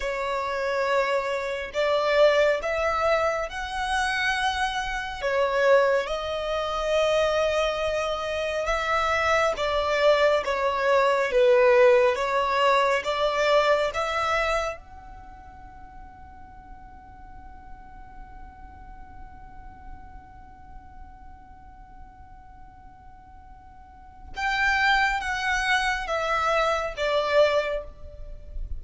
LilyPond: \new Staff \with { instrumentName = "violin" } { \time 4/4 \tempo 4 = 69 cis''2 d''4 e''4 | fis''2 cis''4 dis''4~ | dis''2 e''4 d''4 | cis''4 b'4 cis''4 d''4 |
e''4 fis''2.~ | fis''1~ | fis''1 | g''4 fis''4 e''4 d''4 | }